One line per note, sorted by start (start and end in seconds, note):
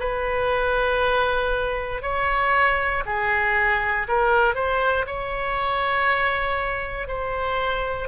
0.00 2.02 B4
2.02 3.04 C#5
3.06 4.07 G#4
4.08 4.55 A#4
4.55 5.06 C5
5.07 7.08 C#5
7.08 8.08 C5